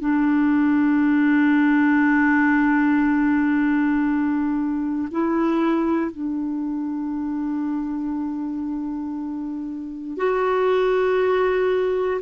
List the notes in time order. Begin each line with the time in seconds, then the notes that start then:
0.00 D4
5.12 E4
6.12 D4
10.17 F#4